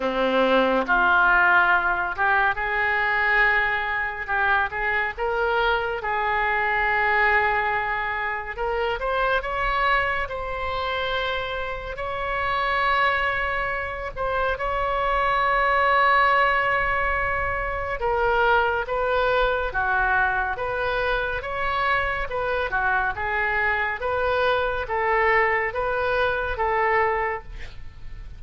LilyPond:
\new Staff \with { instrumentName = "oboe" } { \time 4/4 \tempo 4 = 70 c'4 f'4. g'8 gis'4~ | gis'4 g'8 gis'8 ais'4 gis'4~ | gis'2 ais'8 c''8 cis''4 | c''2 cis''2~ |
cis''8 c''8 cis''2.~ | cis''4 ais'4 b'4 fis'4 | b'4 cis''4 b'8 fis'8 gis'4 | b'4 a'4 b'4 a'4 | }